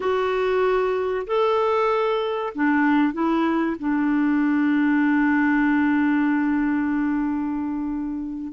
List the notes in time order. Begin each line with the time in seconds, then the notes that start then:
0.00 F#4
1.26 A4
2.54 D4
3.13 E4
3.79 D4